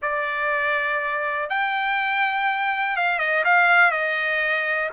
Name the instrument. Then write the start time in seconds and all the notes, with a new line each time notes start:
trumpet
0.02 D5
1.49 G5
2.96 F5
3.19 D#5
3.44 F5
3.91 D#5